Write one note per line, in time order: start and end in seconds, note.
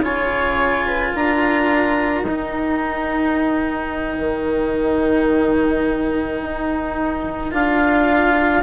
0.00 1.11 C#3
0.00 2.25 F4
0.00 0.86 C#5
0.00 1.14 G#5
0.86 1.11 B4
1.11 2.22 D4
1.11 8.61 A#4
1.11 2.26 A#5
2.22 4.16 D#4
2.22 7.51 D#4
2.22 7.53 G5
4.18 6.41 D#3
6.41 7.52 D#4
7.51 8.63 D4
7.51 8.62 F4
7.51 8.63 F5